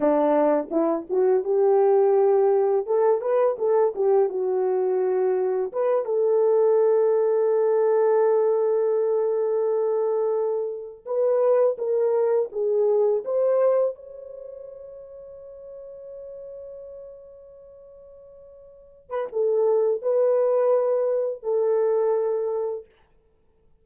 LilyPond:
\new Staff \with { instrumentName = "horn" } { \time 4/4 \tempo 4 = 84 d'4 e'8 fis'8 g'2 | a'8 b'8 a'8 g'8 fis'2 | b'8 a'2.~ a'8~ | a'2.~ a'8 b'8~ |
b'8 ais'4 gis'4 c''4 cis''8~ | cis''1~ | cis''2~ cis''8. b'16 a'4 | b'2 a'2 | }